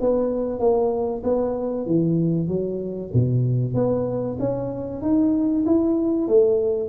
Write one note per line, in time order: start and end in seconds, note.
0.00 0.59 B3
0.59 1.23 A#3
1.23 1.86 B3
1.86 2.48 E3
2.48 3.11 F#3
3.13 3.74 B2
3.74 4.38 B3
4.39 5.02 C#4
5.02 5.65 D#4
5.66 6.28 E4
6.28 6.89 A3